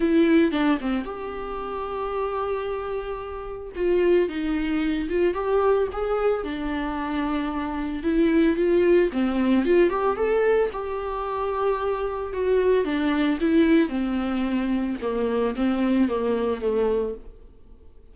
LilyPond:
\new Staff \with { instrumentName = "viola" } { \time 4/4 \tempo 4 = 112 e'4 d'8 c'8 g'2~ | g'2. f'4 | dis'4. f'8 g'4 gis'4 | d'2. e'4 |
f'4 c'4 f'8 g'8 a'4 | g'2. fis'4 | d'4 e'4 c'2 | ais4 c'4 ais4 a4 | }